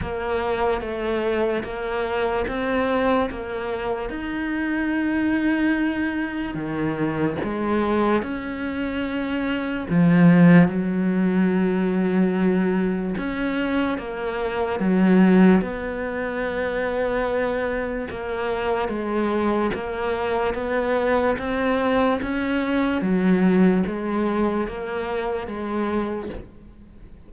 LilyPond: \new Staff \with { instrumentName = "cello" } { \time 4/4 \tempo 4 = 73 ais4 a4 ais4 c'4 | ais4 dis'2. | dis4 gis4 cis'2 | f4 fis2. |
cis'4 ais4 fis4 b4~ | b2 ais4 gis4 | ais4 b4 c'4 cis'4 | fis4 gis4 ais4 gis4 | }